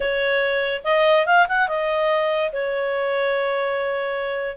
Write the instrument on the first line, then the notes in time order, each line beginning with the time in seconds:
clarinet
0.00 C#5
0.84 D#5
1.26 F5
1.48 F#5
1.68 D#5
2.52 C#5